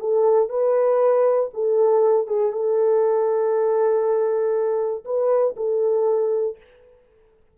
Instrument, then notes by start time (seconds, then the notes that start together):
horn
0.00 A4
0.49 B4
1.54 A4
2.27 G#4
2.53 A4
5.05 B4
5.57 A4